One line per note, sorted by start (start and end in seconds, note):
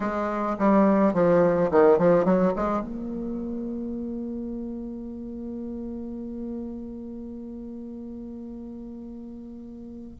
0.00 0.56 G#3
0.58 1.13 G3
1.13 1.70 F3
1.71 1.98 D#3
1.98 2.24 F3
2.24 2.53 F#3
2.56 2.81 G#3
2.81 10.17 A#3